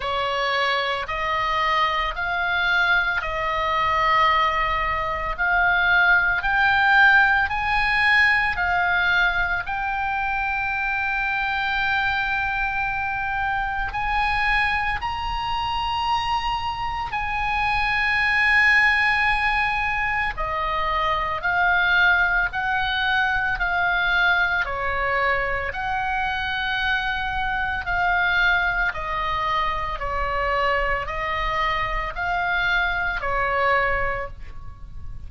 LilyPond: \new Staff \with { instrumentName = "oboe" } { \time 4/4 \tempo 4 = 56 cis''4 dis''4 f''4 dis''4~ | dis''4 f''4 g''4 gis''4 | f''4 g''2.~ | g''4 gis''4 ais''2 |
gis''2. dis''4 | f''4 fis''4 f''4 cis''4 | fis''2 f''4 dis''4 | cis''4 dis''4 f''4 cis''4 | }